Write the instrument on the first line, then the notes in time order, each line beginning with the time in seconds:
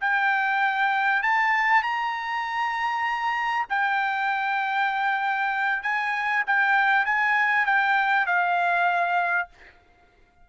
trumpet
0.00 G5
1.22 A5
1.82 A#5
3.69 G5
5.82 G#5
6.46 G5
7.05 G#5
7.66 G5
8.26 F5